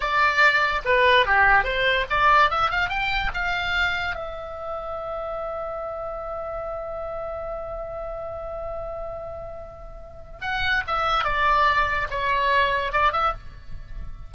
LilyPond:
\new Staff \with { instrumentName = "oboe" } { \time 4/4 \tempo 4 = 144 d''2 b'4 g'4 | c''4 d''4 e''8 f''8 g''4 | f''2 e''2~ | e''1~ |
e''1~ | e''1~ | e''4 fis''4 e''4 d''4~ | d''4 cis''2 d''8 e''8 | }